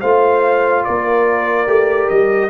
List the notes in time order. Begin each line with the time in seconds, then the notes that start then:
0.00 A3 F4 C5 F5
0.84 A#3 A#4 D5
1.67 A3 G4
2.09 G3 D#5